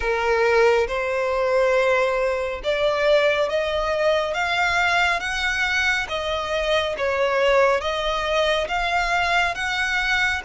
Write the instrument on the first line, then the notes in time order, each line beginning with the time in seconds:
violin
0.00 A#4
0.87 C5
2.63 D5
3.49 D#5
4.34 F5
5.20 F#5
6.08 D#5
6.97 C#5
7.81 D#5
8.68 F5
9.55 F#5